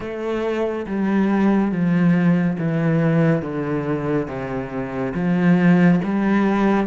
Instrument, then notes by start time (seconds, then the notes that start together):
cello
0.00 A3
0.86 G3
1.71 F3
2.58 E3
3.42 D3
4.27 C3
5.14 F3
6.04 G3